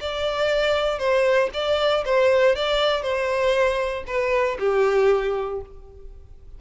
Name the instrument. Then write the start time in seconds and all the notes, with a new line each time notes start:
violin
0.00 D5
0.98 C5
1.53 D5
2.05 C5
2.55 D5
3.02 C5
4.07 B4
4.59 G4